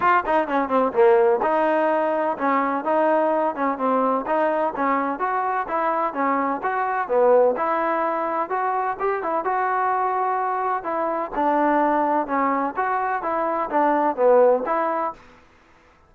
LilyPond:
\new Staff \with { instrumentName = "trombone" } { \time 4/4 \tempo 4 = 127 f'8 dis'8 cis'8 c'8 ais4 dis'4~ | dis'4 cis'4 dis'4. cis'8 | c'4 dis'4 cis'4 fis'4 | e'4 cis'4 fis'4 b4 |
e'2 fis'4 g'8 e'8 | fis'2. e'4 | d'2 cis'4 fis'4 | e'4 d'4 b4 e'4 | }